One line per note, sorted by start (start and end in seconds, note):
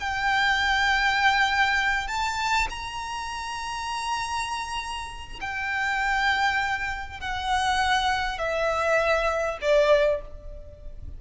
0.00 2.08 G5
2.08 2.68 A5
2.69 5.39 A#5
5.41 7.20 G5
7.20 8.38 F#5
8.38 9.58 E5
9.61 10.21 D5